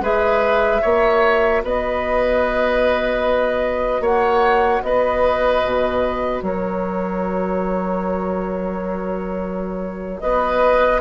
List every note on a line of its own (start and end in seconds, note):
0.00 0.80 G#3
0.00 0.81 G#4
0.00 0.81 B4
0.00 1.64 E5
0.81 1.63 A#3
0.81 11.01 F#4
0.81 1.61 C#5
1.63 4.00 B3
1.63 4.01 B4
1.63 4.04 D#5
4.00 4.80 A#3
4.00 4.81 C#5
4.00 4.83 F#5
4.83 5.62 B3
4.83 6.44 B4
4.83 6.41 D#5
5.65 6.42 B2
6.41 10.22 F#3
6.41 10.22 A#4
6.41 10.20 C#5
10.20 11.01 B3
10.20 11.01 B4
10.20 11.00 D#5